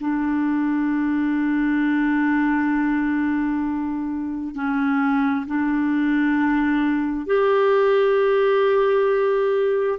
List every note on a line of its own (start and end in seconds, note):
0.00 4.55 D4
4.55 5.45 C#4
5.46 7.26 D4
7.26 9.98 G4